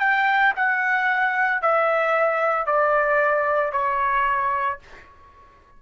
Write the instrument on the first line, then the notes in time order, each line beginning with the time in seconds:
trumpet
0.00 G5
0.56 F#5
1.62 E5
2.66 D5
3.73 C#5